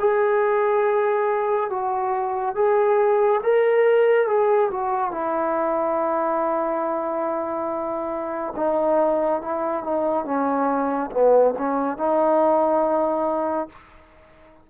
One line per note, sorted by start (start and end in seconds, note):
0.00 1.70 G#4
1.70 2.55 F#4
2.55 3.41 G#4
3.43 4.27 A#4
4.27 4.70 G#4
4.71 5.12 F#4
5.12 8.54 E4
8.56 9.42 D#4
9.42 9.84 E4
9.84 10.25 D#4
10.25 11.11 C#4
11.12 11.54 B3
11.58 11.98 C#4
11.98 13.69 D#4